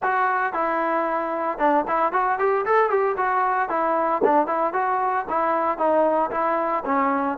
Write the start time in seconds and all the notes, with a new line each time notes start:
0.02 F#4
0.53 E4
1.58 D4
1.87 E4
2.12 F#4
2.39 G4
2.65 A4
2.89 G4
3.16 F#4
3.69 E4
4.24 D4
4.46 E4
4.73 F#4
5.29 E4
5.78 D#4
6.30 E4
6.85 C#4